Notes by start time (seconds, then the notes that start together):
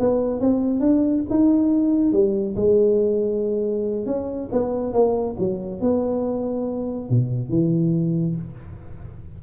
0.00 B3
0.41 C4
0.81 D4
1.31 D#4
2.13 G3
2.57 G#3
4.06 C#4
4.53 B3
4.93 A#3
5.39 F#3
5.81 B3
7.10 B2
7.50 E3